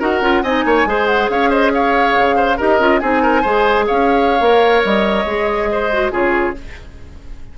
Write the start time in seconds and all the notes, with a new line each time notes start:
0.00 D#4 F#4 A#4 F#5
0.21 C#4 F4
0.43 C4 D#4 D#5 G#5
0.65 A#3 C#5
0.86 G#3 G#4 C5
1.07 F#5
1.29 C#4 C#5 F5
1.50 C5 D#5
1.73 C#5 F5
2.17 C#3
2.36 C5
2.57 D#4 G4 A#4 D#5
2.79 C#4 F4
2.99 C4 D#4 G#4 G#5
3.23 A#4
3.42 G#3 G#4 C5
3.87 C#4 C#5 F5
4.40 A#3 A#4
4.84 G3 D#5
5.25 G#3 G#4
5.72 C5
5.93 F#4
6.11 C#3 F4 G#4 C#5